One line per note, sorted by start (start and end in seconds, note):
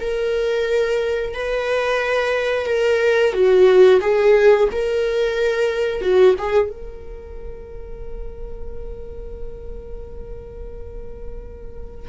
0.00 1.34 A#4
1.34 2.66 B4
2.66 3.32 A#4
3.32 4.00 F#4
4.01 4.68 G#4
4.71 6.01 A#4
6.01 6.35 F#4
6.38 6.69 G#4
6.69 12.08 A#4